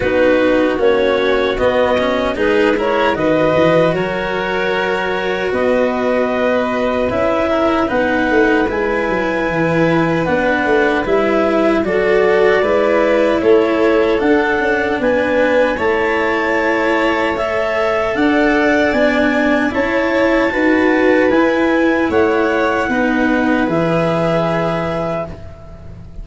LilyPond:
<<
  \new Staff \with { instrumentName = "clarinet" } { \time 4/4 \tempo 4 = 76 b'4 cis''4 dis''4 b'8 cis''8 | dis''4 cis''2 dis''4~ | dis''4 e''4 fis''4 gis''4~ | gis''4 fis''4 e''4 d''4~ |
d''4 cis''4 fis''4 gis''4 | a''2 e''4 fis''4 | gis''4 a''2 gis''4 | fis''2 e''2 | }
  \new Staff \with { instrumentName = "violin" } { \time 4/4 fis'2. gis'8 ais'8 | b'4 ais'2 b'4~ | b'4. ais'8 b'2~ | b'2. a'4 |
b'4 a'2 b'4 | cis''2. d''4~ | d''4 cis''4 b'2 | cis''4 b'2. | }
  \new Staff \with { instrumentName = "cello" } { \time 4/4 dis'4 cis'4 b8 cis'8 dis'8 e'8 | fis'1~ | fis'4 e'4 dis'4 e'4~ | e'4 d'4 e'4 fis'4 |
e'2 d'2 | e'2 a'2 | d'4 e'4 fis'4 e'4~ | e'4 dis'4 gis'2 | }
  \new Staff \with { instrumentName = "tuba" } { \time 4/4 b4 ais4 b4 gis4 | dis8 e8 fis2 b4~ | b4 cis'4 b8 a8 gis8 fis8 | e4 b8 a8 g4 fis4 |
gis4 a4 d'8 cis'8 b4 | a2. d'4 | b4 cis'4 dis'4 e'4 | a4 b4 e2 | }
>>